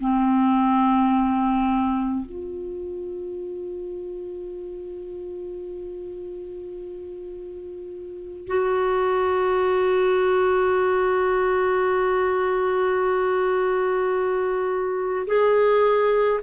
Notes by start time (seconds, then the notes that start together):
0.00 C4
2.26 F4
8.48 F#4
15.27 G#4